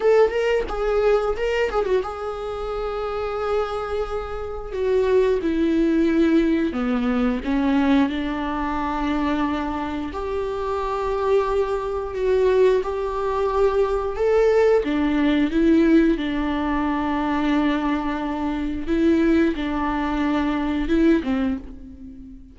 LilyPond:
\new Staff \with { instrumentName = "viola" } { \time 4/4 \tempo 4 = 89 a'8 ais'8 gis'4 ais'8 gis'16 fis'16 gis'4~ | gis'2. fis'4 | e'2 b4 cis'4 | d'2. g'4~ |
g'2 fis'4 g'4~ | g'4 a'4 d'4 e'4 | d'1 | e'4 d'2 e'8 c'8 | }